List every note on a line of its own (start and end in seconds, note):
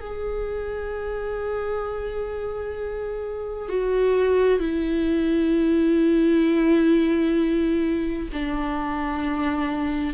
0.00 3.69 G#4
3.69 4.59 F#4
4.59 8.28 E4
8.32 10.13 D4